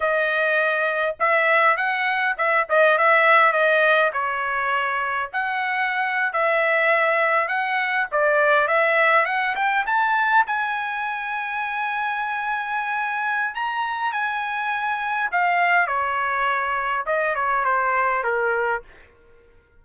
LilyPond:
\new Staff \with { instrumentName = "trumpet" } { \time 4/4 \tempo 4 = 102 dis''2 e''4 fis''4 | e''8 dis''8 e''4 dis''4 cis''4~ | cis''4 fis''4.~ fis''16 e''4~ e''16~ | e''8. fis''4 d''4 e''4 fis''16~ |
fis''16 g''8 a''4 gis''2~ gis''16~ | gis''2. ais''4 | gis''2 f''4 cis''4~ | cis''4 dis''8 cis''8 c''4 ais'4 | }